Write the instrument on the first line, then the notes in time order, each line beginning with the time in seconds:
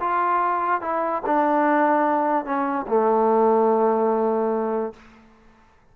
trombone
0.00 F4
0.81 E4
1.26 D4
2.45 C#4
2.88 A3